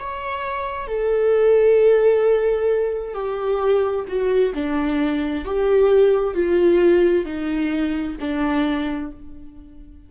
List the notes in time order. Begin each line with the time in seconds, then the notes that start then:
0.00 C#5
0.87 A4
3.14 G4
4.08 F#4
4.54 D4
5.45 G4
6.35 F4
7.26 D#4
8.21 D4